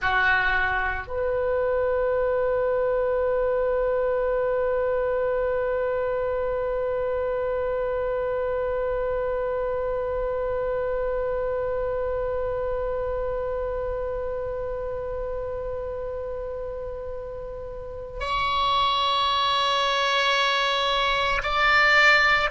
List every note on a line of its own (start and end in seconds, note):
0.01 1.07 F#4
1.07 18.19 B4
18.19 21.41 C#5
21.42 22.50 D5